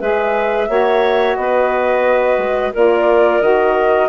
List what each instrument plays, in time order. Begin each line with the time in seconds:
0.00 bassoon G#3, saxophone G#4, clarinet B4, flute E5
0.68 bassoon A#3, saxophone F#4, clarinet C#5
1.36 bassoon B3, clarinet B4, flute D#5
2.38 bassoon G#3
2.73 bassoon A#3, saxophone F4, clarinet A#4, flute D5
3.41 bassoon D#3, saxophone F#4, flute D#5